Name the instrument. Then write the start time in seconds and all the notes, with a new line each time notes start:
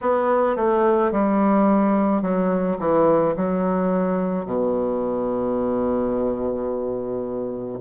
bassoon
0.01 B3
0.56 A3
1.11 G3
2.22 F#3
2.79 E3
3.36 F#3
4.45 B2